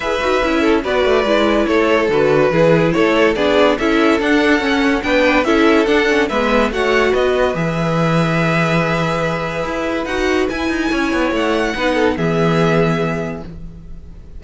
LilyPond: <<
  \new Staff \with { instrumentName = "violin" } { \time 4/4 \tempo 4 = 143 e''2 d''2 | cis''4 b'2 cis''4 | d''4 e''4 fis''2 | g''4 e''4 fis''4 e''4 |
fis''4 dis''4 e''2~ | e''1 | fis''4 gis''2 fis''4~ | fis''4 e''2. | }
  \new Staff \with { instrumentName = "violin" } { \time 4/4 b'4. a'8 b'2 | a'2 gis'4 a'4 | gis'4 a'2. | b'4 a'2 b'4 |
cis''4 b'2.~ | b'1~ | b'2 cis''2 | b'8 a'8 gis'2. | }
  \new Staff \with { instrumentName = "viola" } { \time 4/4 gis'8 fis'8 e'4 fis'4 e'4~ | e'4 fis'4 e'2 | d'4 e'4 d'4 cis'4 | d'4 e'4 d'8 cis'8 b4 |
fis'2 gis'2~ | gis'1 | fis'4 e'2. | dis'4 b2. | }
  \new Staff \with { instrumentName = "cello" } { \time 4/4 e'8 dis'8 cis'4 b8 a8 gis4 | a4 d4 e4 a4 | b4 cis'4 d'4 cis'4 | b4 cis'4 d'4 gis4 |
a4 b4 e2~ | e2. e'4 | dis'4 e'8 dis'8 cis'8 b8 a4 | b4 e2. | }
>>